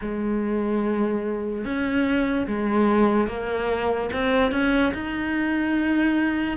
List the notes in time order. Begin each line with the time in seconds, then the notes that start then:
0.01 G#3
1.64 C#4
2.47 G#3
3.27 A#3
4.12 C4
4.51 C#4
4.94 D#4